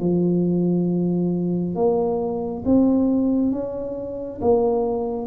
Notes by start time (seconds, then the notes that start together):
0.00 F3
1.75 A#3
2.65 C4
3.52 C#4
4.41 A#3